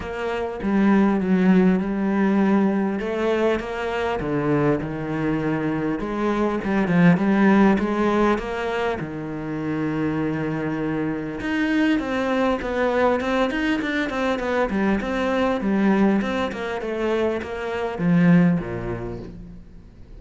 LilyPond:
\new Staff \with { instrumentName = "cello" } { \time 4/4 \tempo 4 = 100 ais4 g4 fis4 g4~ | g4 a4 ais4 d4 | dis2 gis4 g8 f8 | g4 gis4 ais4 dis4~ |
dis2. dis'4 | c'4 b4 c'8 dis'8 d'8 c'8 | b8 g8 c'4 g4 c'8 ais8 | a4 ais4 f4 ais,4 | }